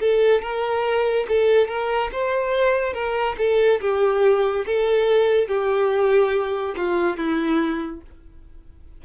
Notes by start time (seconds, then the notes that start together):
0.00 A4
0.42 A#4
1.29 A4
1.68 A#4
2.12 C5
2.93 A#4
3.38 A4
3.81 G4
4.66 A4
5.48 G4
6.76 F4
7.17 E4